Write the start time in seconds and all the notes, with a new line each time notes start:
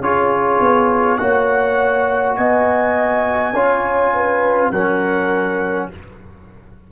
0.00 C#4 F4 G#4 C#5
0.60 B3
1.18 A#3 F#4 C#5 F#5
2.36 B3 D#5 G#5
3.53 C#4 F4 C#5
4.14 B4
4.71 F#3 C#4 A#4 F#5